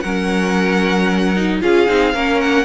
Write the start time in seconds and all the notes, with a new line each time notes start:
0.00 F#3 C#4 A#4 F#5
1.35 D#4
1.61 C#4 F4 G#4 F5
1.87 C4 D#4
2.13 A#3 C#4 A#4
2.41 F#5